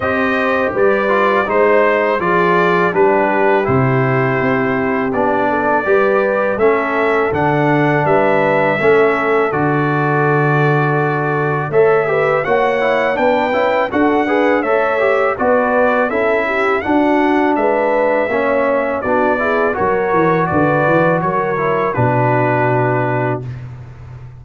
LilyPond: <<
  \new Staff \with { instrumentName = "trumpet" } { \time 4/4 \tempo 4 = 82 dis''4 d''4 c''4 d''4 | b'4 c''2 d''4~ | d''4 e''4 fis''4 e''4~ | e''4 d''2. |
e''4 fis''4 g''4 fis''4 | e''4 d''4 e''4 fis''4 | e''2 d''4 cis''4 | d''4 cis''4 b'2 | }
  \new Staff \with { instrumentName = "horn" } { \time 4/4 c''4 b'4 c''4 gis'4 | g'2.~ g'8 a'8 | b'4 a'2 b'4 | a'1 |
cis''8 b'8 cis''4 b'4 a'8 b'8 | cis''4 b'4 a'8 g'8 fis'4 | b'4 cis''4 fis'8 gis'8 ais'4 | b'4 ais'4 fis'2 | }
  \new Staff \with { instrumentName = "trombone" } { \time 4/4 g'4. f'8 dis'4 f'4 | d'4 e'2 d'4 | g'4 cis'4 d'2 | cis'4 fis'2. |
a'8 g'8 fis'8 e'8 d'8 e'8 fis'8 gis'8 | a'8 g'8 fis'4 e'4 d'4~ | d'4 cis'4 d'8 e'8 fis'4~ | fis'4. e'8 d'2 | }
  \new Staff \with { instrumentName = "tuba" } { \time 4/4 c'4 g4 gis4 f4 | g4 c4 c'4 b4 | g4 a4 d4 g4 | a4 d2. |
a4 ais4 b8 cis'8 d'4 | a4 b4 cis'4 d'4 | gis4 ais4 b4 fis8 e8 | d8 e8 fis4 b,2 | }
>>